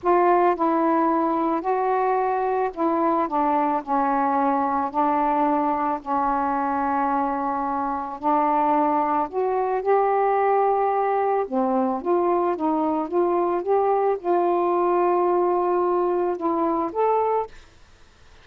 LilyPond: \new Staff \with { instrumentName = "saxophone" } { \time 4/4 \tempo 4 = 110 f'4 e'2 fis'4~ | fis'4 e'4 d'4 cis'4~ | cis'4 d'2 cis'4~ | cis'2. d'4~ |
d'4 fis'4 g'2~ | g'4 c'4 f'4 dis'4 | f'4 g'4 f'2~ | f'2 e'4 a'4 | }